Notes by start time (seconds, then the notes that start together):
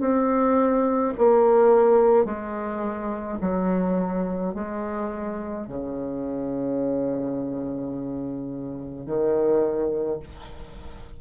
0.00 C4
1.18 A#3
2.25 G#3
3.41 F#3
4.54 G#3
5.67 C#3
9.06 D#3